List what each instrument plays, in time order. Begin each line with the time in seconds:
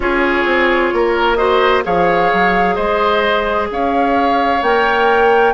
0.00 bassoon C#4, clarinet F4, oboe G#4, flute C#5
0.44 bassoon C4
0.93 bassoon A#3, oboe A#4
1.35 clarinet F#4, oboe C5, flute D#5
1.83 bassoon F3, clarinet G#4, oboe C#5, flute F5
2.32 bassoon F#3
2.75 bassoon G#3, oboe C5, flute D#5
3.70 bassoon C#4, oboe C#5, flute F5
4.62 bassoon A#3, clarinet A#4, flute G5